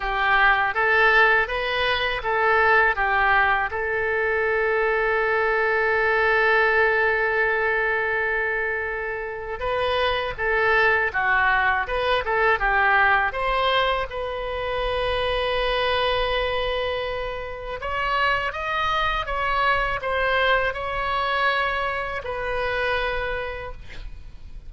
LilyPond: \new Staff \with { instrumentName = "oboe" } { \time 4/4 \tempo 4 = 81 g'4 a'4 b'4 a'4 | g'4 a'2.~ | a'1~ | a'4 b'4 a'4 fis'4 |
b'8 a'8 g'4 c''4 b'4~ | b'1 | cis''4 dis''4 cis''4 c''4 | cis''2 b'2 | }